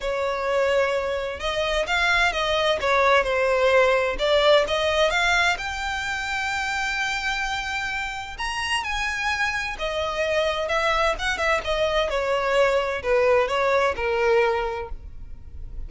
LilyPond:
\new Staff \with { instrumentName = "violin" } { \time 4/4 \tempo 4 = 129 cis''2. dis''4 | f''4 dis''4 cis''4 c''4~ | c''4 d''4 dis''4 f''4 | g''1~ |
g''2 ais''4 gis''4~ | gis''4 dis''2 e''4 | fis''8 e''8 dis''4 cis''2 | b'4 cis''4 ais'2 | }